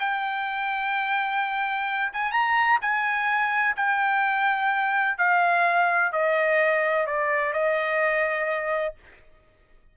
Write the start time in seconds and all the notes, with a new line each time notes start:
0.00 G5
2.13 G#5
2.32 A#5
2.82 G#5
3.77 G5
5.18 F5
6.13 D#5
7.07 D5
7.54 D#5